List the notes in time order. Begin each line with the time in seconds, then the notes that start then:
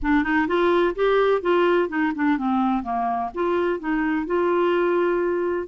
0.02 D4
0.23 D#4
0.47 F4
0.95 G4
1.41 F4
1.88 D#4
2.15 D4
2.37 C4
2.83 A#3
3.34 F4
3.79 D#4
4.26 F4